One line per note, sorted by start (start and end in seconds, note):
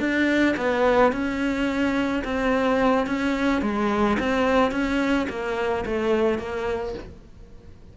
0.00 0.56 D4
0.57 1.12 B3
1.12 2.23 C#4
2.24 3.07 C4
3.07 3.62 C#4
3.62 4.18 G#3
4.20 4.72 C4
4.72 5.27 C#4
5.30 5.85 A#3
5.86 6.39 A3
6.39 6.94 A#3